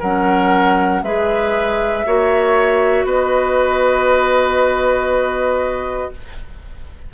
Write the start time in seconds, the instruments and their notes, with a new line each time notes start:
0.00 bassoon F#3, clarinet C#4, oboe A#4, flute F#5
1.03 bassoon G#3, clarinet G#4, oboe B4, flute E5
2.07 bassoon A#3, clarinet F#4, oboe C#5
3.05 bassoon B3, oboe B4, flute D#5